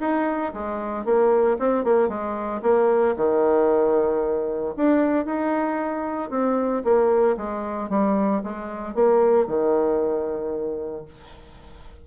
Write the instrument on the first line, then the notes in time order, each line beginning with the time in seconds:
bassoon
0.00 D#4
0.53 G#3
1.05 A#3
1.59 C4
1.84 A#3
2.08 G#3
2.62 A#3
3.17 D#3
4.76 D4
5.25 D#4
6.30 C4
6.84 A#3
7.37 G#3
7.89 G3
8.43 G#3
8.94 A#3
9.47 D#3